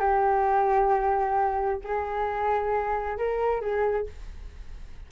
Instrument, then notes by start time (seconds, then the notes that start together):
flute
0.00 G4
1.84 G#4
3.18 A#4
3.61 G#4